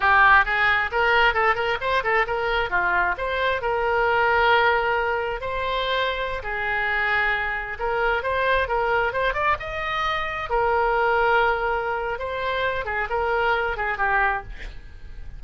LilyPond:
\new Staff \with { instrumentName = "oboe" } { \time 4/4 \tempo 4 = 133 g'4 gis'4 ais'4 a'8 ais'8 | c''8 a'8 ais'4 f'4 c''4 | ais'1 | c''2~ c''16 gis'4.~ gis'16~ |
gis'4~ gis'16 ais'4 c''4 ais'8.~ | ais'16 c''8 d''8 dis''2 ais'8.~ | ais'2. c''4~ | c''8 gis'8 ais'4. gis'8 g'4 | }